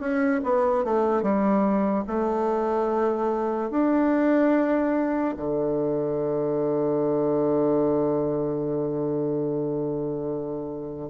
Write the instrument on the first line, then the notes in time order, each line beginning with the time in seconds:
bassoon
0.00 C#4
0.44 B3
0.84 A3
1.23 G3
2.07 A3
3.70 D4
5.37 D3